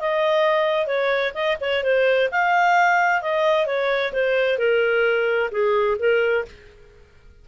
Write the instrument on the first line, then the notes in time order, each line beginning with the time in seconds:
clarinet
0.00 D#5
0.87 C#5
1.34 D#5
1.61 C#5
1.84 C5
2.32 F5
3.22 D#5
3.67 C#5
4.13 C5
4.58 A#4
5.52 G#4
5.99 A#4